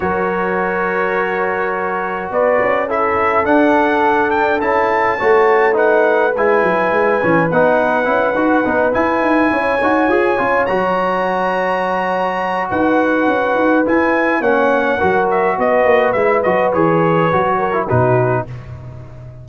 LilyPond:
<<
  \new Staff \with { instrumentName = "trumpet" } { \time 4/4 \tempo 4 = 104 cis''1 | d''4 e''4 fis''4. g''8 | a''2 fis''4 gis''4~ | gis''4 fis''2~ fis''8 gis''8~ |
gis''2~ gis''8 ais''4.~ | ais''2 fis''2 | gis''4 fis''4. e''8 dis''4 | e''8 dis''8 cis''2 b'4 | }
  \new Staff \with { instrumentName = "horn" } { \time 4/4 ais'1 | b'4 a'2.~ | a'4 cis''4 b'2~ | b'1~ |
b'8 cis''2.~ cis''8~ | cis''2 b'2~ | b'4 cis''4 ais'4 b'4~ | b'2~ b'8 ais'8 fis'4 | }
  \new Staff \with { instrumentName = "trombone" } { \time 4/4 fis'1~ | fis'4 e'4 d'2 | e'4 fis'4 dis'4 e'4~ | e'8 cis'8 dis'4 e'8 fis'8 dis'8 e'8~ |
e'4 fis'8 gis'8 f'8 fis'4.~ | fis'1 | e'4 cis'4 fis'2 | e'8 fis'8 gis'4 fis'8. e'16 dis'4 | }
  \new Staff \with { instrumentName = "tuba" } { \time 4/4 fis1 | b8 cis'4. d'2 | cis'4 a2 gis8 fis8 | gis8 e8 b4 cis'8 dis'8 b8 e'8 |
dis'8 cis'8 dis'8 f'8 cis'8 fis4.~ | fis2 dis'4 cis'8 dis'8 | e'4 ais4 fis4 b8 ais8 | gis8 fis8 e4 fis4 b,4 | }
>>